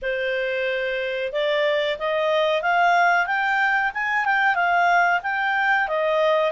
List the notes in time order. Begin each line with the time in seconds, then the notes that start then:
0.02 C5
1.32 D5
1.98 D#5
2.61 F5
3.26 G5
3.94 G#5
4.25 G5
4.55 F5
5.22 G5
5.88 D#5